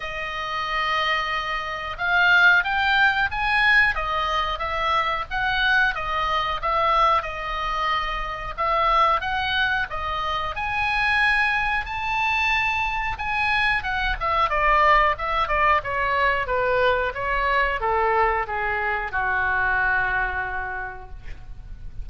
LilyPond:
\new Staff \with { instrumentName = "oboe" } { \time 4/4 \tempo 4 = 91 dis''2. f''4 | g''4 gis''4 dis''4 e''4 | fis''4 dis''4 e''4 dis''4~ | dis''4 e''4 fis''4 dis''4 |
gis''2 a''2 | gis''4 fis''8 e''8 d''4 e''8 d''8 | cis''4 b'4 cis''4 a'4 | gis'4 fis'2. | }